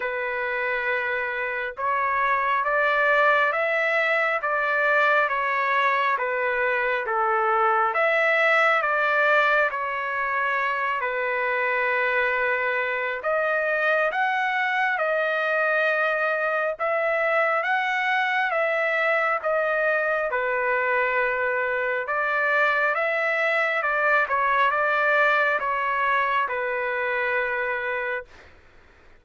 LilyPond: \new Staff \with { instrumentName = "trumpet" } { \time 4/4 \tempo 4 = 68 b'2 cis''4 d''4 | e''4 d''4 cis''4 b'4 | a'4 e''4 d''4 cis''4~ | cis''8 b'2~ b'8 dis''4 |
fis''4 dis''2 e''4 | fis''4 e''4 dis''4 b'4~ | b'4 d''4 e''4 d''8 cis''8 | d''4 cis''4 b'2 | }